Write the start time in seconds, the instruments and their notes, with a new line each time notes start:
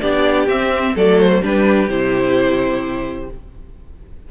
0.00 cello B3, viola D4, violin G4 D5
0.48 cello C4, viola C4, violin E5
0.95 cello F#3, viola A3, violin A4 D5
1.20 violin C5
1.41 cello G3, viola D4, violin G4 B4
1.88 cello C3, viola E4, violin C5